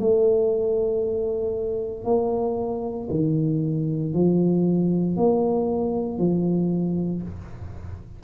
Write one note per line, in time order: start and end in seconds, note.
0.00 2.05 A3
2.05 3.08 A#3
3.10 4.14 D#3
4.14 5.17 F3
5.17 6.19 A#3
6.19 7.22 F3